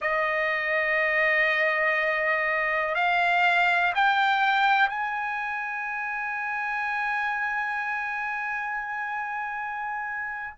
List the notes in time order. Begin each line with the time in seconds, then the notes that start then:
0.00 D#5
2.95 F5
3.94 G5
4.88 G#5